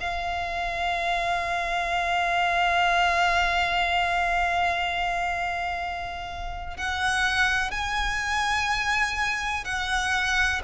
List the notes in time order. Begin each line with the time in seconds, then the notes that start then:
0.00 F5
6.77 F#5
7.71 G#5
9.65 F#5